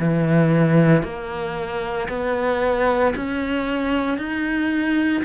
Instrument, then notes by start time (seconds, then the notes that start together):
cello
0.00 E3
1.03 A#3
2.09 B3
3.16 C#4
4.18 D#4